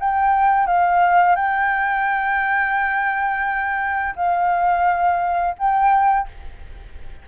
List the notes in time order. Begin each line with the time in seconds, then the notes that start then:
0.00 G5
0.67 F5
1.36 G5
4.16 F5
5.59 G5